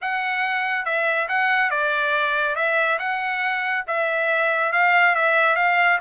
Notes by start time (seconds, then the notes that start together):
0.01 F#5
0.85 E5
1.28 F#5
1.70 D5
2.55 E5
2.99 F#5
3.87 E5
4.72 F5
5.15 E5
5.56 F5